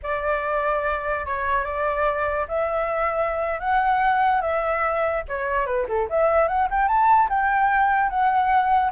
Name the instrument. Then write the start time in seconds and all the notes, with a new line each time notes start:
flute
0.02 D5
1.26 C#5
1.64 D5
2.48 E5
3.60 F#5
4.41 E5
5.28 C#5
5.65 B4
5.88 A4
6.09 E5
6.47 F#5
6.70 G5
6.87 A5
7.29 G5
8.09 F#5